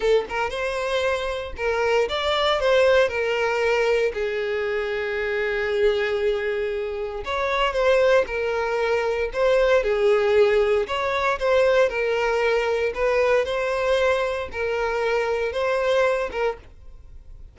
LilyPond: \new Staff \with { instrumentName = "violin" } { \time 4/4 \tempo 4 = 116 a'8 ais'8 c''2 ais'4 | d''4 c''4 ais'2 | gis'1~ | gis'2 cis''4 c''4 |
ais'2 c''4 gis'4~ | gis'4 cis''4 c''4 ais'4~ | ais'4 b'4 c''2 | ais'2 c''4. ais'8 | }